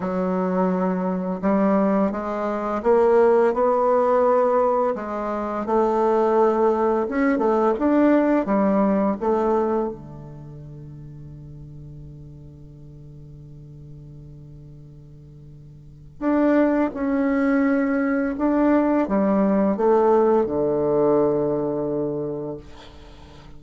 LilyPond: \new Staff \with { instrumentName = "bassoon" } { \time 4/4 \tempo 4 = 85 fis2 g4 gis4 | ais4 b2 gis4 | a2 cis'8 a8 d'4 | g4 a4 d2~ |
d1~ | d2. d'4 | cis'2 d'4 g4 | a4 d2. | }